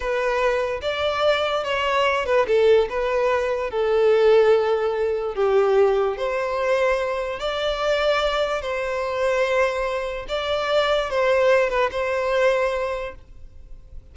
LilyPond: \new Staff \with { instrumentName = "violin" } { \time 4/4 \tempo 4 = 146 b'2 d''2 | cis''4. b'8 a'4 b'4~ | b'4 a'2.~ | a'4 g'2 c''4~ |
c''2 d''2~ | d''4 c''2.~ | c''4 d''2 c''4~ | c''8 b'8 c''2. | }